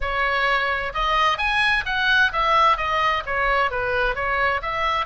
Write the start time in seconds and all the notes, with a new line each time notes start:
0.00 C#5
0.94 D#5
1.38 G#5
1.85 F#5
2.32 E5
2.77 D#5
3.25 C#5
3.70 B4
4.15 C#5
4.62 E5